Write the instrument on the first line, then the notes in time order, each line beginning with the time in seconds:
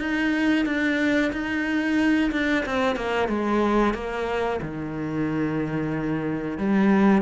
cello
0.00 D#4
0.66 D4
1.33 D#4
2.32 D4
2.66 C4
2.97 A#3
3.29 G#3
3.94 A#3
4.62 D#3
6.58 G3